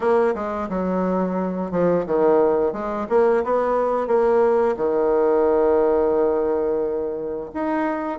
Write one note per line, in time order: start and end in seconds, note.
0.00 0.34 A#3
0.34 0.68 G#3
0.69 1.71 F#3
1.71 2.05 F3
2.06 2.72 D#3
2.72 3.07 G#3
3.09 3.43 A#3
3.44 4.07 B3
4.07 4.75 A#3
4.77 7.49 D#3
7.53 8.18 D#4